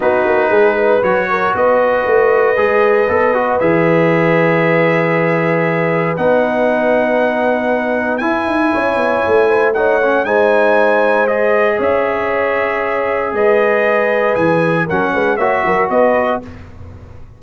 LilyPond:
<<
  \new Staff \with { instrumentName = "trumpet" } { \time 4/4 \tempo 4 = 117 b'2 cis''4 dis''4~ | dis''2. e''4~ | e''1 | fis''1 |
gis''2. fis''4 | gis''2 dis''4 e''4~ | e''2 dis''2 | gis''4 fis''4 e''4 dis''4 | }
  \new Staff \with { instrumentName = "horn" } { \time 4/4 fis'4 gis'8 b'4 ais'8 b'4~ | b'1~ | b'1~ | b'1~ |
b'4 cis''4. c''8 cis''4 | c''2. cis''4~ | cis''2 b'2~ | b'4 ais'8 b'8 cis''8 ais'8 b'4 | }
  \new Staff \with { instrumentName = "trombone" } { \time 4/4 dis'2 fis'2~ | fis'4 gis'4 a'8 fis'8 gis'4~ | gis'1 | dis'1 |
e'2. dis'8 cis'8 | dis'2 gis'2~ | gis'1~ | gis'4 cis'4 fis'2 | }
  \new Staff \with { instrumentName = "tuba" } { \time 4/4 b8 ais8 gis4 fis4 b4 | a4 gis4 b4 e4~ | e1 | b1 |
e'8 dis'8 cis'8 b8 a2 | gis2. cis'4~ | cis'2 gis2 | e4 fis8 gis8 ais8 fis8 b4 | }
>>